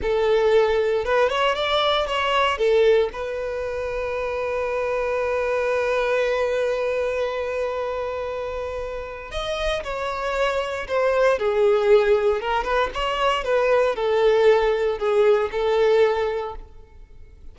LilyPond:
\new Staff \with { instrumentName = "violin" } { \time 4/4 \tempo 4 = 116 a'2 b'8 cis''8 d''4 | cis''4 a'4 b'2~ | b'1~ | b'1~ |
b'2 dis''4 cis''4~ | cis''4 c''4 gis'2 | ais'8 b'8 cis''4 b'4 a'4~ | a'4 gis'4 a'2 | }